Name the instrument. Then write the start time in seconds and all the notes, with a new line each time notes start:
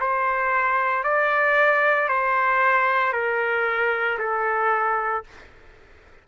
trumpet
0.00 C5
1.04 D5
2.09 C5
3.13 A#4
4.19 A4